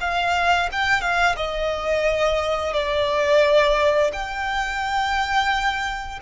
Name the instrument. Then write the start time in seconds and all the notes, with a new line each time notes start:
violin
0.00 F5
0.71 G5
1.01 F5
1.36 D#5
2.73 D5
4.13 G5